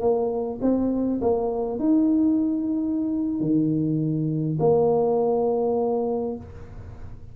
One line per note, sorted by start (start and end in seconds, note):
0.00 0.59 A#3
0.61 1.20 C4
1.21 1.79 A#3
1.79 3.40 D#4
3.40 4.58 D#3
4.59 6.36 A#3